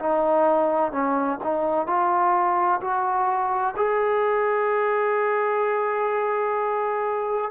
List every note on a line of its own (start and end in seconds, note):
0.00 0.92 D#4
0.92 1.39 C#4
1.44 1.87 D#4
1.87 2.81 F4
2.81 3.75 F#4
3.77 7.52 G#4